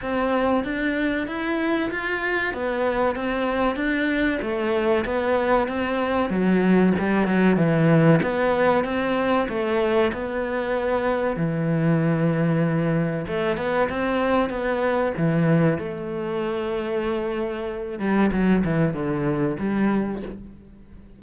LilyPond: \new Staff \with { instrumentName = "cello" } { \time 4/4 \tempo 4 = 95 c'4 d'4 e'4 f'4 | b4 c'4 d'4 a4 | b4 c'4 fis4 g8 fis8 | e4 b4 c'4 a4 |
b2 e2~ | e4 a8 b8 c'4 b4 | e4 a2.~ | a8 g8 fis8 e8 d4 g4 | }